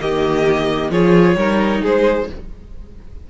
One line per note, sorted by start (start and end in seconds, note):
0.00 0.90 D#3
0.00 0.91 A#3
0.00 0.92 G4
0.00 0.91 D#5
0.90 1.36 F3
0.90 1.37 F4
0.90 1.37 G#4
0.90 1.83 C#5
1.36 1.81 G3
1.36 2.29 D#4
1.36 1.81 A#4
1.81 2.30 G#3
1.81 2.27 G#4
1.81 2.30 C5